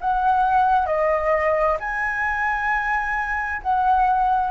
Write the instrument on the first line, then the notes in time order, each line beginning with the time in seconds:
flute
0.00 F#5
0.86 D#5
1.79 G#5
3.62 F#5